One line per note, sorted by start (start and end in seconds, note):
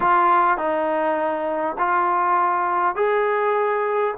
0.00 0.57 F4
0.57 1.76 D#4
1.78 2.95 F4
2.95 4.14 G#4